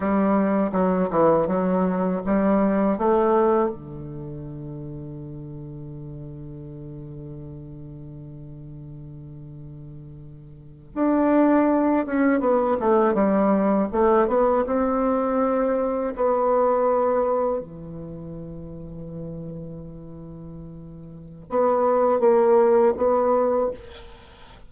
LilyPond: \new Staff \with { instrumentName = "bassoon" } { \time 4/4 \tempo 4 = 81 g4 fis8 e8 fis4 g4 | a4 d2.~ | d1~ | d2~ d8. d'4~ d'16~ |
d'16 cis'8 b8 a8 g4 a8 b8 c'16~ | c'4.~ c'16 b2 e16~ | e1~ | e4 b4 ais4 b4 | }